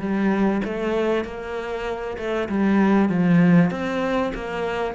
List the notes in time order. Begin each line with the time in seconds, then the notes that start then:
0.00 G3
0.65 A3
1.25 A#3
2.18 A3
2.49 G3
3.10 F3
3.71 C4
4.34 A#3